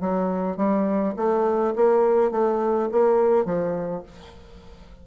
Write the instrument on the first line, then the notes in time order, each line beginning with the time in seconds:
bassoon
0.00 F#3
0.56 G3
1.16 A3
1.75 A#3
2.31 A3
2.91 A#3
3.45 F3